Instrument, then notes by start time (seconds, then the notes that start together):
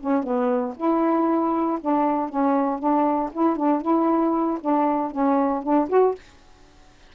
saxophone
0.00 C#4
0.23 B3
0.76 E4
1.81 D4
2.29 C#4
2.79 D4
3.32 E4
3.56 D4
3.82 E4
4.60 D4
5.11 C#4
5.63 D4
5.89 F#4